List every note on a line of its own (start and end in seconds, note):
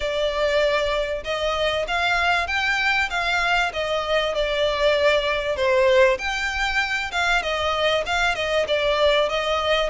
0.00 1.23 D5
1.24 1.86 D#5
1.87 2.47 F5
2.47 3.09 G5
3.10 3.72 F5
3.73 4.34 D#5
4.34 5.56 D5
5.56 6.18 C5
6.18 7.11 G5
7.11 7.42 F5
7.42 8.04 D#5
8.06 8.35 F5
8.35 8.66 D#5
8.67 9.29 D5
9.29 9.89 D#5